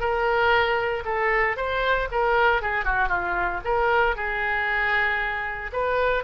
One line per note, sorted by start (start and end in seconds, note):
0.00 1.03 A#4
1.05 1.56 A4
1.56 2.08 C5
2.11 2.62 A#4
2.62 2.85 G#4
2.85 3.09 F#4
3.09 3.60 F4
3.65 4.16 A#4
4.16 5.71 G#4
5.72 6.24 B4